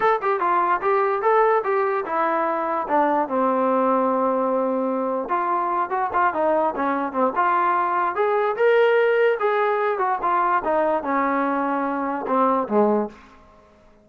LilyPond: \new Staff \with { instrumentName = "trombone" } { \time 4/4 \tempo 4 = 147 a'8 g'8 f'4 g'4 a'4 | g'4 e'2 d'4 | c'1~ | c'4 f'4. fis'8 f'8 dis'8~ |
dis'8 cis'4 c'8 f'2 | gis'4 ais'2 gis'4~ | gis'8 fis'8 f'4 dis'4 cis'4~ | cis'2 c'4 gis4 | }